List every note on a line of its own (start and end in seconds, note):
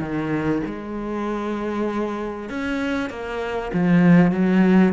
0.00 0.62 D#3
0.66 2.49 G#3
2.49 3.10 C#4
3.10 3.72 A#3
3.73 4.32 F3
4.32 4.93 F#3